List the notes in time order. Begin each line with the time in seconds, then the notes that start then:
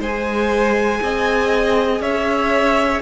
0.00 G#3 G#4 C5 G#5
1.02 C4 D#5
2.00 C#4 C#5 E5